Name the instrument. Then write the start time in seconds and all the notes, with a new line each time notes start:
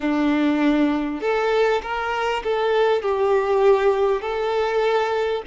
violin
0.00 D4
1.20 A4
1.82 A#4
2.43 A4
3.02 G4
4.21 A4